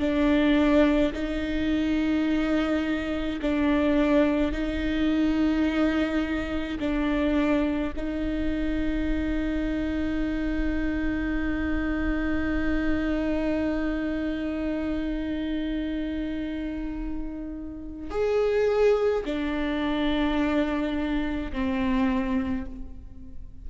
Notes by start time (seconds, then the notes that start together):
0.00 D4
1.13 D#4
3.42 D4
4.52 D#4
6.80 D4
7.97 D#4
18.10 G#4
19.26 D4
21.52 C4